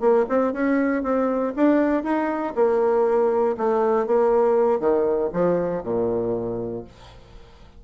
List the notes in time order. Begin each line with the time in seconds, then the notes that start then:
0.00 A#3
0.29 C4
0.53 C#4
1.03 C4
1.56 D4
2.03 D#4
2.55 A#3
3.57 A3
4.06 A#3
4.79 D#3
5.33 F3
5.83 A#2